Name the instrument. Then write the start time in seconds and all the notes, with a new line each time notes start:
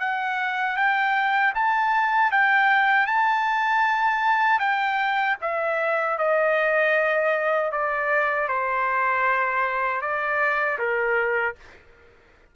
trumpet
0.00 F#5
0.77 G5
1.55 A5
2.32 G5
3.07 A5
4.60 G5
5.42 E5
6.19 D#5
7.72 D5
8.48 C5
10.02 D5
10.79 A#4